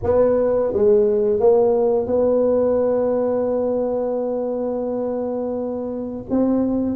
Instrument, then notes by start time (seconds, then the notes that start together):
tuba
0.03 B3
0.72 G#3
1.39 A#3
2.06 B3
6.29 C4